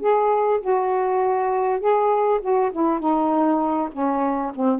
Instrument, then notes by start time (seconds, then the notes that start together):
saxophone
0.00 G#4
0.60 F#4
1.80 G#4
2.41 F#4
2.72 E4
2.99 D#4
3.92 C#4
4.54 C4